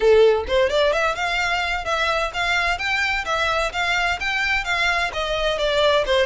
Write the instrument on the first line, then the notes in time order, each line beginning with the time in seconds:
violin
0.00 A4
0.47 C5
0.69 D5
0.93 E5
1.15 F5
1.85 E5
2.33 F5
2.78 G5
3.25 E5
3.72 F5
4.20 G5
4.64 F5
5.13 D#5
5.58 D5
6.05 C5